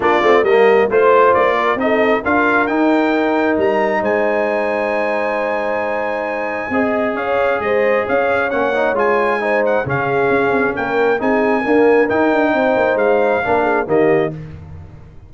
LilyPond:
<<
  \new Staff \with { instrumentName = "trumpet" } { \time 4/4 \tempo 4 = 134 d''4 dis''4 c''4 d''4 | dis''4 f''4 g''2 | ais''4 gis''2.~ | gis''1 |
f''4 dis''4 f''4 fis''4 | gis''4. fis''8 f''2 | g''4 gis''2 g''4~ | g''4 f''2 dis''4 | }
  \new Staff \with { instrumentName = "horn" } { \time 4/4 f'4 ais'4 c''4. ais'8 | a'4 ais'2.~ | ais'4 c''2.~ | c''2. dis''4 |
cis''4 c''4 cis''2~ | cis''4 c''4 gis'2 | ais'4 gis'4 ais'2 | c''2 ais'8 gis'8 g'4 | }
  \new Staff \with { instrumentName = "trombone" } { \time 4/4 d'8 c'8 ais4 f'2 | dis'4 f'4 dis'2~ | dis'1~ | dis'2. gis'4~ |
gis'2. cis'8 dis'8 | f'4 dis'4 cis'2~ | cis'4 dis'4 ais4 dis'4~ | dis'2 d'4 ais4 | }
  \new Staff \with { instrumentName = "tuba" } { \time 4/4 ais8 a8 g4 a4 ais4 | c'4 d'4 dis'2 | g4 gis2.~ | gis2. c'4 |
cis'4 gis4 cis'4 ais4 | gis2 cis4 cis'8 c'8 | ais4 c'4 d'4 dis'8 d'8 | c'8 ais8 gis4 ais4 dis4 | }
>>